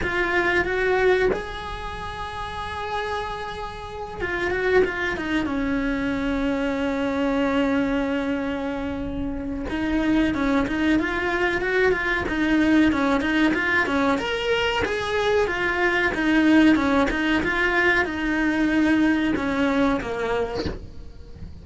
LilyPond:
\new Staff \with { instrumentName = "cello" } { \time 4/4 \tempo 4 = 93 f'4 fis'4 gis'2~ | gis'2~ gis'8 f'8 fis'8 f'8 | dis'8 cis'2.~ cis'8~ | cis'2. dis'4 |
cis'8 dis'8 f'4 fis'8 f'8 dis'4 | cis'8 dis'8 f'8 cis'8 ais'4 gis'4 | f'4 dis'4 cis'8 dis'8 f'4 | dis'2 cis'4 ais4 | }